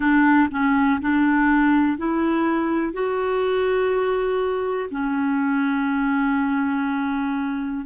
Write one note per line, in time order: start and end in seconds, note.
0.00 0.49 D4
0.51 1.00 C#4
1.01 1.97 D4
1.97 2.92 E4
2.92 4.89 F#4
4.90 7.86 C#4